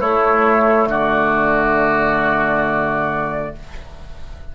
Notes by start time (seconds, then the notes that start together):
0.00 A3 E4 C#5
0.87 D3 F#4 D5